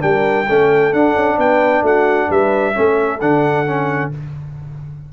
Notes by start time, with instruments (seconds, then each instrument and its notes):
0.00 tuba G3, trombone D4, horn A#4, trumpet G5
0.46 tuba A3, trombone C#4, horn A4
0.93 tuba D4, trombone D4, trumpet F#5
1.16 tuba C#4
1.37 tuba B3, horn B4, trumpet G5
1.82 tuba A3, horn F#4, trumpet F#5
2.28 tuba G3, horn B4, trumpet E5
2.74 tuba A3, trombone C#4, horn A4
3.21 tuba D3, trombone D4, trumpet F#5
3.66 trombone C#4